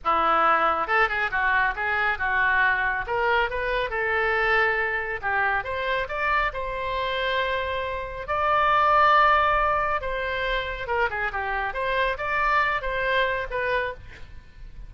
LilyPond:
\new Staff \with { instrumentName = "oboe" } { \time 4/4 \tempo 4 = 138 e'2 a'8 gis'8 fis'4 | gis'4 fis'2 ais'4 | b'4 a'2. | g'4 c''4 d''4 c''4~ |
c''2. d''4~ | d''2. c''4~ | c''4 ais'8 gis'8 g'4 c''4 | d''4. c''4. b'4 | }